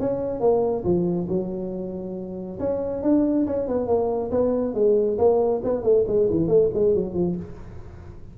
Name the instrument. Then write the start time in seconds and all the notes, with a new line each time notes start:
tuba
0.00 C#4
0.41 A#3
0.84 F3
1.29 F#3
2.59 C#4
3.03 D4
3.47 C#4
3.68 B3
3.87 A#3
4.31 B3
4.75 G#3
5.18 A#3
5.64 B3
5.83 A3
6.08 G#3
6.30 E3
6.48 A3
6.74 G#3
6.95 F#3
7.14 F3